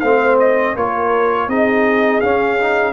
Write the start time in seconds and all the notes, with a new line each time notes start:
0.00 A3 C4 C5 F5
0.39 D#5
0.75 A#3 F4 A#4 C#5
1.48 C4 D#4 G#4 D#5
2.20 C#4 F5
2.59 D#4